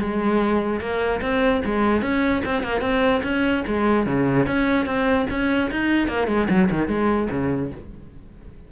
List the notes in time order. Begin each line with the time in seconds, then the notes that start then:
0.00 G#3
0.80 A#3
1.21 C4
1.65 G#3
2.02 C#4
2.45 C4
2.63 A#3
2.81 C4
3.23 C#4
3.67 G#3
4.06 C#3
4.46 C#4
4.85 C4
5.30 C#4
5.71 D#4
6.08 A#3
6.27 G#3
6.49 F#3
6.71 D#3
6.88 G#3
7.30 C#3